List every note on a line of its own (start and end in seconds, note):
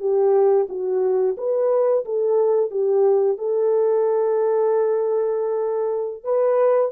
0.00 0.67 G4
0.69 1.36 F#4
1.38 2.05 B4
2.05 2.71 A4
2.71 3.38 G4
3.38 6.24 A4
6.24 6.92 B4